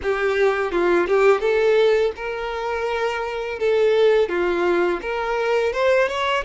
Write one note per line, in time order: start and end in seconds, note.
0.02 0.71 G4
0.71 1.07 F4
1.07 1.40 G4
1.40 2.12 A4
2.16 3.59 A#4
3.59 4.29 A4
4.29 5.00 F4
5.01 5.72 A#4
5.72 6.08 C5
6.08 6.44 C#5